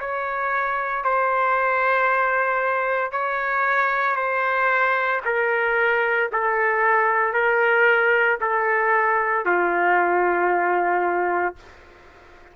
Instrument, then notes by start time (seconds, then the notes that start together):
trumpet
0.00 C#5
1.04 C5
3.12 C#5
4.16 C5
5.25 A#4
6.33 A4
7.33 A#4
8.41 A4
9.45 F4